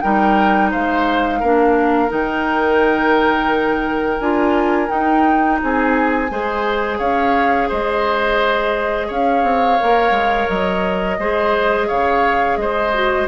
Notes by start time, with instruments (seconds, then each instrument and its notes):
0.00 bassoon G3, clarinet D#4, oboe A#4, flute G5
0.71 bassoon G#3, oboe C5, flute F5
1.40 bassoon A#3, clarinet D4, oboe A#4
2.09 bassoon D#3, clarinet D#4, flute G5
4.19 bassoon D4, clarinet F4, flute G#5
4.87 clarinet D#4, bassoon D#4, flute G5
5.62 bassoon C4, oboe G#4, flute G#5
6.30 bassoon G#3, clarinet G#4, oboe C5
6.98 bassoon C#4, oboe C#5, flute F5
7.68 bassoon G#3, oboe C5, flute D#5
9.07 bassoon C#4, oboe C#5, flute F5
9.43 bassoon C4
9.80 bassoon A#3, clarinet A#4
10.11 bassoon G#3
10.49 bassoon F#3, flute D#5
11.18 bassoon G#3, clarinet G#4, oboe C5
11.87 bassoon C#3, oboe C#5, flute F5
12.57 bassoon G#3, oboe C5, flute D#5
12.94 clarinet F#4